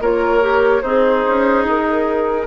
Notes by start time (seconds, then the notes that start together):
0.00 A#3 F4 A#4 C#5
0.41 G4
0.82 C4 D#4 G#4 C5
1.27 C#4
1.64 D#4 A#4